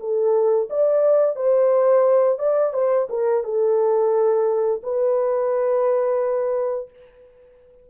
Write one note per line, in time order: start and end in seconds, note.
0.00 0.69 A4
0.70 1.36 D5
1.36 2.39 C5
2.39 2.73 D5
2.74 3.08 C5
3.09 3.44 A#4
3.44 4.82 A4
4.83 6.90 B4